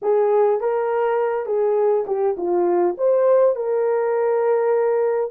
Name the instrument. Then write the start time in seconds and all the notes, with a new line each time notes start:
horn
0.02 G#4
0.60 A#4
1.46 G#4
2.06 G4
2.37 F4
2.97 C5
3.55 A#4